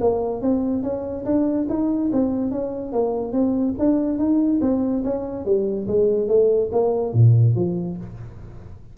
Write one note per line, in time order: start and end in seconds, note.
0.00 0.42 A#3
0.42 0.83 C4
0.83 1.25 C#4
1.25 1.67 D4
1.69 2.11 D#4
2.12 2.51 C4
2.51 2.92 C#4
2.92 3.32 A#3
3.32 3.74 C4
3.79 4.18 D4
4.18 4.60 D#4
4.61 5.03 C4
5.04 5.45 C#4
5.45 5.87 G3
5.87 6.28 G#3
6.28 6.70 A3
6.72 7.13 A#3
7.13 7.55 A#2
7.55 7.97 F3